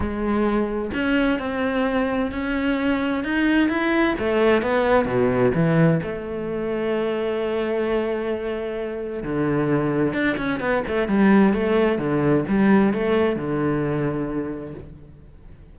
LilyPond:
\new Staff \with { instrumentName = "cello" } { \time 4/4 \tempo 4 = 130 gis2 cis'4 c'4~ | c'4 cis'2 dis'4 | e'4 a4 b4 b,4 | e4 a2.~ |
a1 | d2 d'8 cis'8 b8 a8 | g4 a4 d4 g4 | a4 d2. | }